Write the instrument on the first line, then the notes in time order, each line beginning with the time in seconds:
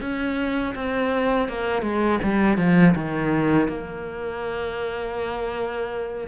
cello
0.00 C#4
0.75 C4
1.48 A#3
1.82 G#3
2.23 G3
2.57 F3
2.95 D#3
3.68 A#3